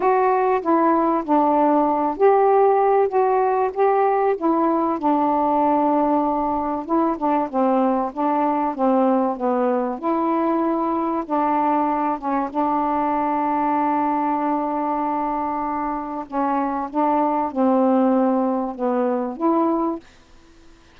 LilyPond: \new Staff \with { instrumentName = "saxophone" } { \time 4/4 \tempo 4 = 96 fis'4 e'4 d'4. g'8~ | g'4 fis'4 g'4 e'4 | d'2. e'8 d'8 | c'4 d'4 c'4 b4 |
e'2 d'4. cis'8 | d'1~ | d'2 cis'4 d'4 | c'2 b4 e'4 | }